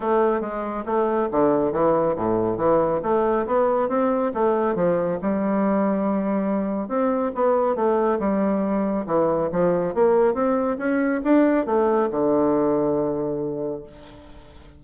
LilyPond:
\new Staff \with { instrumentName = "bassoon" } { \time 4/4 \tempo 4 = 139 a4 gis4 a4 d4 | e4 a,4 e4 a4 | b4 c'4 a4 f4 | g1 |
c'4 b4 a4 g4~ | g4 e4 f4 ais4 | c'4 cis'4 d'4 a4 | d1 | }